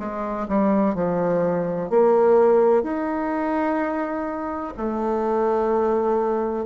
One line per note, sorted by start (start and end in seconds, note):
0.00 0.48 G#3
0.48 0.95 G3
0.95 1.90 F3
1.90 2.84 A#3
2.84 4.74 D#4
4.77 6.66 A3